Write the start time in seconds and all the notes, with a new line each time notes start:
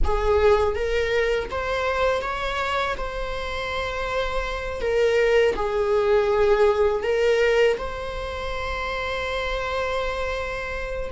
0.04 G#4
0.75 A#4
1.50 C5
2.21 C#5
2.97 C5
4.80 A#4
5.55 G#4
7.03 A#4
7.77 C5